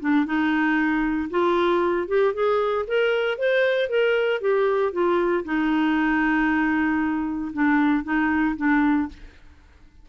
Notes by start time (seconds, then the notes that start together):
0.00 D4
0.26 D#4
1.30 F4
2.08 G4
2.34 G#4
2.88 A#4
3.38 C5
3.89 A#4
4.41 G4
4.93 F4
5.45 D#4
7.53 D4
8.04 D#4
8.57 D4